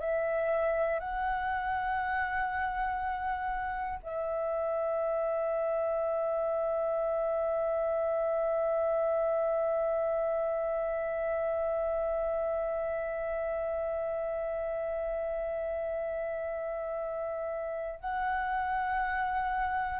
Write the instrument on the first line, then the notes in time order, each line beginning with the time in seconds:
flute
0.00 E5
1.00 F#5
4.03 E5
18.00 F#5